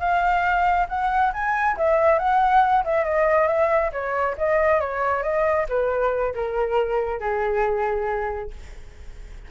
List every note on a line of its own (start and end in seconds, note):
0.00 0.87 F5
0.89 1.33 F#5
1.34 1.77 G#5
1.78 2.19 E5
2.19 2.84 F#5
2.85 3.05 E5
3.05 3.48 D#5
3.48 3.92 E5
3.93 4.36 C#5
4.38 4.81 D#5
4.81 5.23 C#5
5.23 5.67 D#5
5.69 6.34 B4
6.35 7.20 A#4
7.20 8.51 G#4